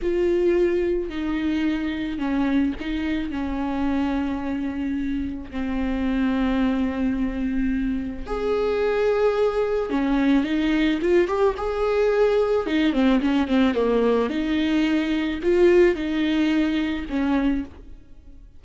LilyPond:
\new Staff \with { instrumentName = "viola" } { \time 4/4 \tempo 4 = 109 f'2 dis'2 | cis'4 dis'4 cis'2~ | cis'2 c'2~ | c'2. gis'4~ |
gis'2 cis'4 dis'4 | f'8 g'8 gis'2 dis'8 c'8 | cis'8 c'8 ais4 dis'2 | f'4 dis'2 cis'4 | }